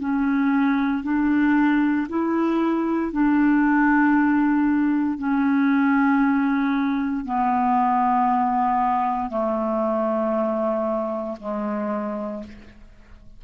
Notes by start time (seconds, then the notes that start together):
0.00 C#4
1.04 D4
2.09 E4
3.12 D4
5.18 C#4
7.25 B3
9.30 A3
11.40 G#3